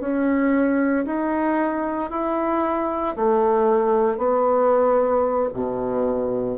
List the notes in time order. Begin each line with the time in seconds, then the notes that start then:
0.00 C#4
1.05 D#4
2.11 E4
3.16 A3
4.18 B3
5.54 B2